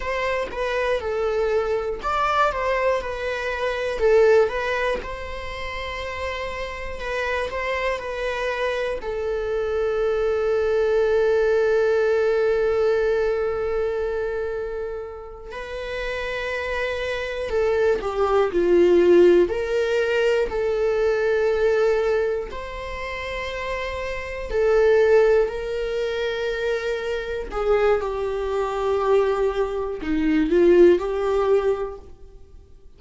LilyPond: \new Staff \with { instrumentName = "viola" } { \time 4/4 \tempo 4 = 60 c''8 b'8 a'4 d''8 c''8 b'4 | a'8 b'8 c''2 b'8 c''8 | b'4 a'2.~ | a'2.~ a'8 b'8~ |
b'4. a'8 g'8 f'4 ais'8~ | ais'8 a'2 c''4.~ | c''8 a'4 ais'2 gis'8 | g'2 dis'8 f'8 g'4 | }